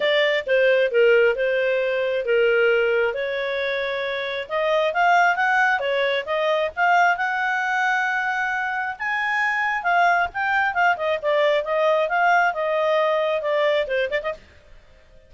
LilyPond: \new Staff \with { instrumentName = "clarinet" } { \time 4/4 \tempo 4 = 134 d''4 c''4 ais'4 c''4~ | c''4 ais'2 cis''4~ | cis''2 dis''4 f''4 | fis''4 cis''4 dis''4 f''4 |
fis''1 | gis''2 f''4 g''4 | f''8 dis''8 d''4 dis''4 f''4 | dis''2 d''4 c''8 d''16 dis''16 | }